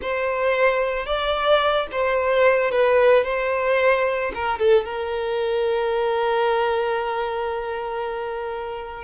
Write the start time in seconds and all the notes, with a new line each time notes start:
0.01 C5
1.06 D5
1.91 C5
2.71 B4
3.24 C5
4.34 A#4
4.58 A4
4.85 A#4